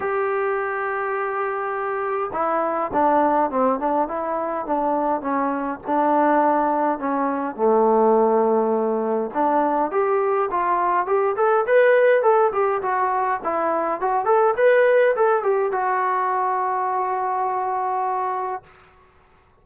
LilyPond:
\new Staff \with { instrumentName = "trombone" } { \time 4/4 \tempo 4 = 103 g'1 | e'4 d'4 c'8 d'8 e'4 | d'4 cis'4 d'2 | cis'4 a2. |
d'4 g'4 f'4 g'8 a'8 | b'4 a'8 g'8 fis'4 e'4 | fis'8 a'8 b'4 a'8 g'8 fis'4~ | fis'1 | }